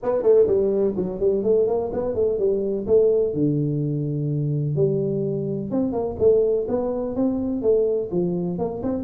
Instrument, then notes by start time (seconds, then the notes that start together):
tuba
0.02 B3
0.22 A3
0.47 G3
0.96 F#3
1.19 G3
1.43 A3
1.67 A#3
1.93 B3
2.15 A3
2.38 G3
2.86 A3
3.33 D3
4.75 G3
5.70 C4
5.92 A#3
6.19 A3
6.68 B3
7.15 C4
7.62 A3
8.11 F3
8.58 A#3
8.82 C4